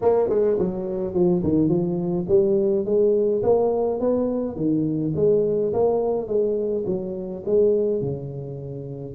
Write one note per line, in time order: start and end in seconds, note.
0.01 0.29 A#3
0.29 0.57 G#3
0.58 1.14 F#3
1.14 1.42 F3
1.43 1.69 D#3
1.69 2.26 F3
2.28 2.85 G3
2.85 3.42 G#3
3.42 3.99 A#3
3.99 4.56 B3
4.56 5.13 D#3
5.15 5.72 G#3
5.73 6.27 A#3
6.27 6.84 G#3
6.86 7.43 F#3
7.45 8.01 G#3
8.01 9.15 C#3